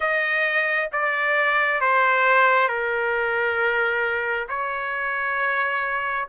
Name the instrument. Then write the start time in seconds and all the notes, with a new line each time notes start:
trumpet
0.00 D#5
0.92 D5
1.80 C5
2.68 A#4
4.49 C#5